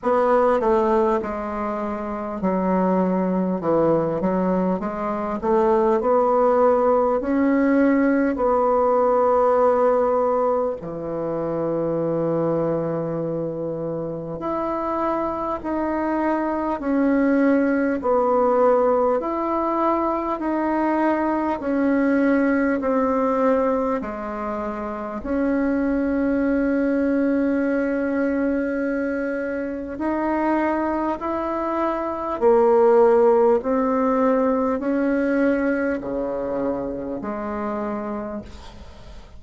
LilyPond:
\new Staff \with { instrumentName = "bassoon" } { \time 4/4 \tempo 4 = 50 b8 a8 gis4 fis4 e8 fis8 | gis8 a8 b4 cis'4 b4~ | b4 e2. | e'4 dis'4 cis'4 b4 |
e'4 dis'4 cis'4 c'4 | gis4 cis'2.~ | cis'4 dis'4 e'4 ais4 | c'4 cis'4 cis4 gis4 | }